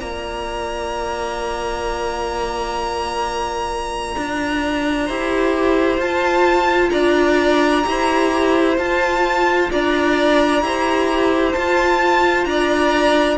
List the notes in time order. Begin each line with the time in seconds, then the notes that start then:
0.00 A#3 F4 D5 A#5
4.17 D4
5.06 E4 G4 C5
5.98 F4 A5
6.90 D4 D5 A#5
7.83 E4 G4 C5
8.78 F4 A5
9.71 D4 D5 A#5
10.62 E4 G4 C5
11.53 F4 A5
12.45 D4 D5 A#5